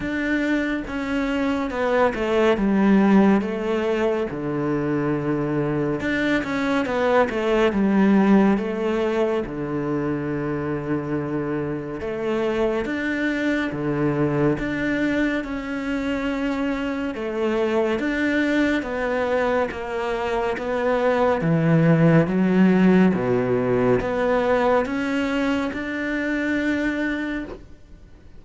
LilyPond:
\new Staff \with { instrumentName = "cello" } { \time 4/4 \tempo 4 = 70 d'4 cis'4 b8 a8 g4 | a4 d2 d'8 cis'8 | b8 a8 g4 a4 d4~ | d2 a4 d'4 |
d4 d'4 cis'2 | a4 d'4 b4 ais4 | b4 e4 fis4 b,4 | b4 cis'4 d'2 | }